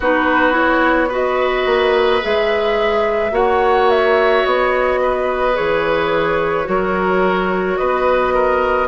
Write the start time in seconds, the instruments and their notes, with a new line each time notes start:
0.00 bassoon B3, clarinet D#4, oboe F#4, flute B4
0.52 clarinet E4, flute C#5
1.09 clarinet F#4, oboe B4, flute D#5
1.66 bassoon A#3
2.22 bassoon G#3, clarinet G#4, flute E5
3.31 bassoon A#3, clarinet F#4, oboe C#5, flute F#5
3.90 flute E5
4.45 bassoon B3, flute D#5
5.01 oboe B4
5.53 bassoon E3, clarinet G#4, flute C#5
6.64 bassoon F#3, clarinet F#4, oboe A#4
7.77 bassoon B3, oboe B4, flute D#5
8.34 oboe A#4